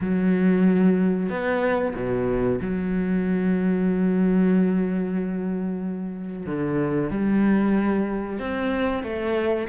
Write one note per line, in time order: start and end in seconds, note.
0.00 1.29 F#3
1.29 1.94 B3
1.95 2.59 B2
2.61 6.45 F#3
6.45 7.10 D3
7.10 8.39 G3
8.39 9.03 C4
9.03 9.67 A3